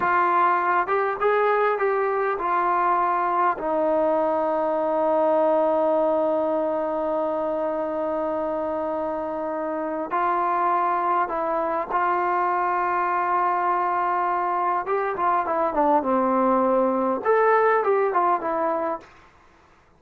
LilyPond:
\new Staff \with { instrumentName = "trombone" } { \time 4/4 \tempo 4 = 101 f'4. g'8 gis'4 g'4 | f'2 dis'2~ | dis'1~ | dis'1~ |
dis'4 f'2 e'4 | f'1~ | f'4 g'8 f'8 e'8 d'8 c'4~ | c'4 a'4 g'8 f'8 e'4 | }